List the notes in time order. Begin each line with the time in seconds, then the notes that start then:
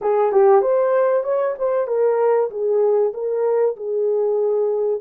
0.01 G#4
0.32 G4
0.61 C5
1.23 C#5
1.58 C5
1.87 A#4
2.50 G#4
3.13 A#4
3.76 G#4